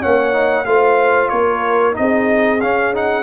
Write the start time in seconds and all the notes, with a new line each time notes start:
0.00 A#3 C#4 C#5 F#5
0.33 D#4
0.65 A3 F4 C5 F5
1.29 A#3 A#4 C#5
1.93 C4 D#4 D#5
2.00 G#4
2.61 C#4 F5
2.94 D#4 F#5